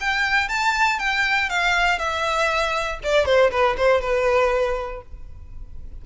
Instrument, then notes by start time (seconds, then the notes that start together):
violin
0.00 G5
0.49 A5
0.99 G5
1.49 F5
1.99 E5
3.03 D5
3.25 C5
3.51 B4
3.77 C5
4.01 B4